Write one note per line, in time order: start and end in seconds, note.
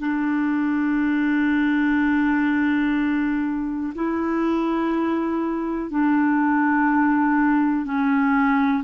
0.00 3.93 D4
3.95 5.91 E4
5.91 7.85 D4
7.85 8.83 C#4